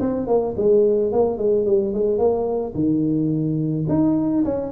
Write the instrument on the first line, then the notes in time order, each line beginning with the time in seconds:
tuba
0.00 C4
0.27 A#3
0.57 G#3
1.12 A#3
1.38 G#3
1.66 G3
1.93 G#3
2.18 A#3
2.74 D#3
3.88 D#4
4.44 C#4